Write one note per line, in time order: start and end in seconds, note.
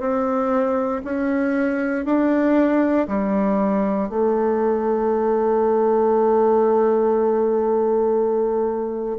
0.00 1.02 C4
1.04 2.05 C#4
2.05 3.07 D4
3.08 4.10 G3
4.10 9.18 A3